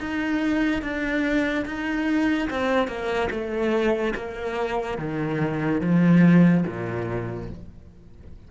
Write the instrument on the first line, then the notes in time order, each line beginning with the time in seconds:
cello
0.00 D#4
0.82 D4
1.66 D#4
2.50 C4
2.87 A#3
3.30 A3
4.15 A#3
4.98 D#3
5.80 F3
6.66 A#2